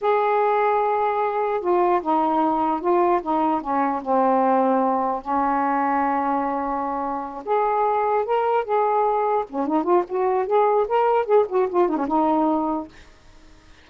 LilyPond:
\new Staff \with { instrumentName = "saxophone" } { \time 4/4 \tempo 4 = 149 gis'1 | f'4 dis'2 f'4 | dis'4 cis'4 c'2~ | c'4 cis'2.~ |
cis'2~ cis'8 gis'4.~ | gis'8 ais'4 gis'2 cis'8 | dis'8 f'8 fis'4 gis'4 ais'4 | gis'8 fis'8 f'8 dis'16 cis'16 dis'2 | }